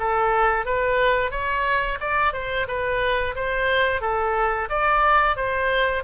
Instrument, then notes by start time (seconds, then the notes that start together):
oboe
0.00 A4
0.66 B4
1.31 C#5
2.01 D5
2.34 C5
2.68 B4
3.36 C5
4.02 A4
4.70 D5
5.37 C5